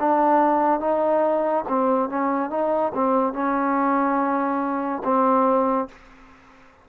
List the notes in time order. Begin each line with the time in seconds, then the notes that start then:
0.00 D4
0.80 D#4
1.69 C4
2.10 C#4
2.50 D#4
2.95 C4
3.33 C#4
5.04 C4